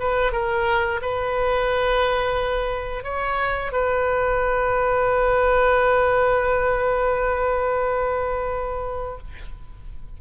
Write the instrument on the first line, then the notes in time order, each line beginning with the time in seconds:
oboe
0.00 B4
0.33 A#4
1.02 B4
3.04 C#5
3.73 B4